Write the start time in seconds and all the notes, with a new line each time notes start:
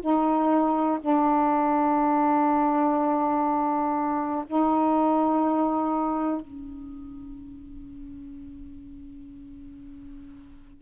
0.00 D#4
1.00 D4
4.47 D#4
6.41 C#4